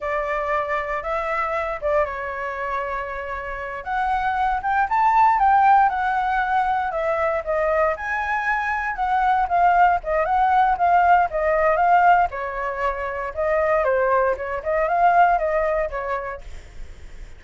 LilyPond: \new Staff \with { instrumentName = "flute" } { \time 4/4 \tempo 4 = 117 d''2 e''4. d''8 | cis''2.~ cis''8 fis''8~ | fis''4 g''8 a''4 g''4 fis''8~ | fis''4. e''4 dis''4 gis''8~ |
gis''4. fis''4 f''4 dis''8 | fis''4 f''4 dis''4 f''4 | cis''2 dis''4 c''4 | cis''8 dis''8 f''4 dis''4 cis''4 | }